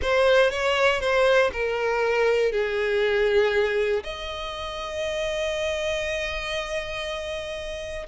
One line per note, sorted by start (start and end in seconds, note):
0.02 0.50 C5
0.50 1.00 C#5
1.00 1.50 C5
1.52 2.52 A#4
2.52 4.03 G#4
4.03 8.06 D#5